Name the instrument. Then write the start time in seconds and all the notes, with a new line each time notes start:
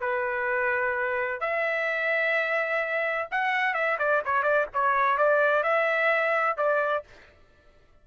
trumpet
0.00 B4
1.40 E5
3.31 F#5
3.74 E5
3.98 D5
4.25 C#5
4.43 D5
4.73 C#5
5.17 D5
5.63 E5
6.57 D5